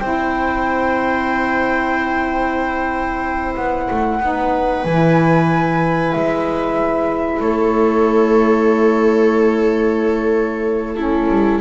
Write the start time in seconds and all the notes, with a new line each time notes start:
0.00 C4 E4 C5 G5
3.56 B3 F#5
3.91 A3
4.20 B3 D#4 B4
4.84 E3 E4 G#5
6.12 G#3 E5
7.41 A3 A4 C#5
10.96 C#4 E4 A4
11.29 G3